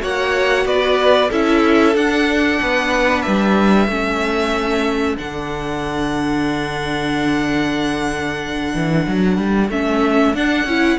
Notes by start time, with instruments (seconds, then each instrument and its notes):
0.00 cello A#3, viola F#4, violin C#5 F#5
0.66 cello B3, violin B4 D5
1.30 cello C#4, viola E4, violin A4 E5
1.95 viola D4, cello D4, violin F#5
2.62 cello B3, violin B4
3.22 cello G3, violin E5
3.88 cello A3, viola C#4, violin A4
5.17 cello D3, viola D4, violin F#5
8.75 cello E3
9.07 cello F#3
9.38 cello G3
9.69 cello A3, viola C#4, violin E5
10.35 cello D4, viola D4, violin F#5
10.65 cello C#4, viola E4